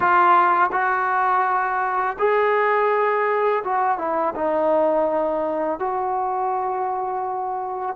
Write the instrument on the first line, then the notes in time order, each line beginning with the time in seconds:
trombone
0.00 F4
0.72 F#4
2.19 G#4
3.63 F#4
3.98 E4
4.35 D#4
5.79 F#4